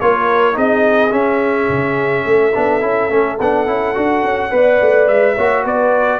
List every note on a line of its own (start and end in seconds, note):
0.00 0.57 A#3
0.00 0.53 F4
0.00 0.55 A#4
0.00 0.57 C#5
0.53 1.12 C4
0.53 1.10 D#4
0.53 2.25 G#4
0.53 1.12 D#5
1.11 2.52 C#4
1.11 1.69 C#4
1.11 3.39 E5
1.69 2.25 C#3
2.25 2.54 A3
2.25 4.54 A4
2.54 2.82 B3
2.54 2.81 D4
2.81 3.10 C#4
2.81 3.09 E4
3.10 3.38 A3
3.10 3.38 C#4
3.40 3.67 B3
3.40 3.66 D4
3.40 5.08 F#5
3.66 3.95 C#4
3.66 3.94 E4
3.94 4.23 D4
3.94 4.51 F#4
4.23 4.51 C#4
4.51 4.80 B3
4.51 5.36 B4
4.51 5.35 D5
4.81 5.08 A3
5.08 5.37 G#3
5.08 5.64 E5
5.35 5.64 A#3
5.35 6.20 F#4
5.35 5.63 C#5
5.64 6.20 B3
5.64 6.20 B4
5.64 6.20 D5